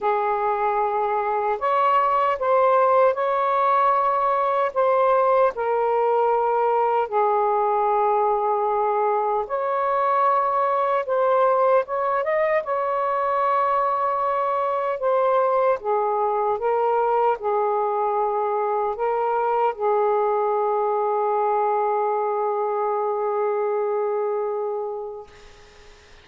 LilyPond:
\new Staff \with { instrumentName = "saxophone" } { \time 4/4 \tempo 4 = 76 gis'2 cis''4 c''4 | cis''2 c''4 ais'4~ | ais'4 gis'2. | cis''2 c''4 cis''8 dis''8 |
cis''2. c''4 | gis'4 ais'4 gis'2 | ais'4 gis'2.~ | gis'1 | }